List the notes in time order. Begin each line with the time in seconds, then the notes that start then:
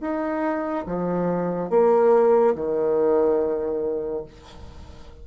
0.00 D#4
0.86 F3
1.69 A#3
2.55 D#3